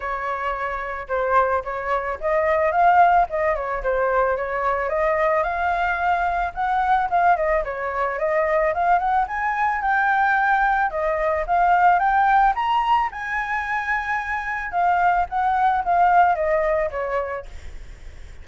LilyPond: \new Staff \with { instrumentName = "flute" } { \time 4/4 \tempo 4 = 110 cis''2 c''4 cis''4 | dis''4 f''4 dis''8 cis''8 c''4 | cis''4 dis''4 f''2 | fis''4 f''8 dis''8 cis''4 dis''4 |
f''8 fis''8 gis''4 g''2 | dis''4 f''4 g''4 ais''4 | gis''2. f''4 | fis''4 f''4 dis''4 cis''4 | }